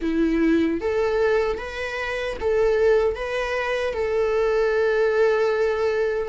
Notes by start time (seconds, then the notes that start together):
0.01 E4
0.80 A4
1.58 B4
2.40 A4
3.15 B4
3.93 A4